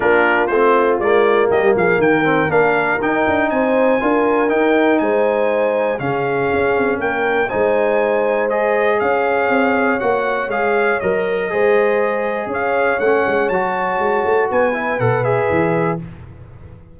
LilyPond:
<<
  \new Staff \with { instrumentName = "trumpet" } { \time 4/4 \tempo 4 = 120 ais'4 c''4 d''4 dis''8 f''8 | g''4 f''4 g''4 gis''4~ | gis''4 g''4 gis''2 | f''2 g''4 gis''4~ |
gis''4 dis''4 f''2 | fis''4 f''4 dis''2~ | dis''4 f''4 fis''4 a''4~ | a''4 gis''4 fis''8 e''4. | }
  \new Staff \with { instrumentName = "horn" } { \time 4/4 f'2. g'8 gis'8 | ais'2. c''4 | ais'2 c''2 | gis'2 ais'4 c''4~ |
c''2 cis''2~ | cis''2. c''4~ | c''4 cis''2.~ | cis''4 b'2. | }
  \new Staff \with { instrumentName = "trombone" } { \time 4/4 d'4 c'4 ais2~ | ais8 c'8 d'4 dis'2 | f'4 dis'2. | cis'2. dis'4~ |
dis'4 gis'2. | fis'4 gis'4 ais'4 gis'4~ | gis'2 cis'4 fis'4~ | fis'4. e'8 a'8 gis'4. | }
  \new Staff \with { instrumentName = "tuba" } { \time 4/4 ais4 a4 gis4 g8 f8 | dis4 ais4 dis'8 d'8 c'4 | d'4 dis'4 gis2 | cis4 cis'8 c'8 ais4 gis4~ |
gis2 cis'4 c'4 | ais4 gis4 fis4 gis4~ | gis4 cis'4 a8 gis8 fis4 | gis8 a8 b4 b,4 e4 | }
>>